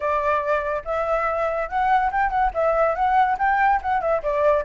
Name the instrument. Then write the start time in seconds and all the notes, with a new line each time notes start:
flute
0.00 D5
0.85 E5
1.68 F#5
2.11 G5
2.30 F#5
2.54 E5
2.95 F#5
3.38 G5
3.81 F#5
4.01 E5
4.22 D5